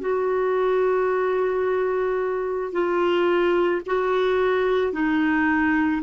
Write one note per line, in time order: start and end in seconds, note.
0.00 2.72 F#4
2.72 3.81 F4
3.86 4.92 F#4
4.92 6.01 D#4